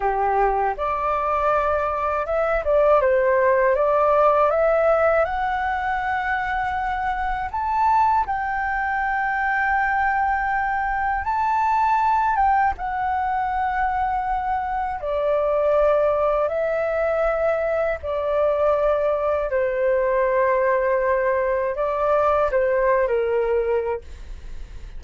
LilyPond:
\new Staff \with { instrumentName = "flute" } { \time 4/4 \tempo 4 = 80 g'4 d''2 e''8 d''8 | c''4 d''4 e''4 fis''4~ | fis''2 a''4 g''4~ | g''2. a''4~ |
a''8 g''8 fis''2. | d''2 e''2 | d''2 c''2~ | c''4 d''4 c''8. ais'4~ ais'16 | }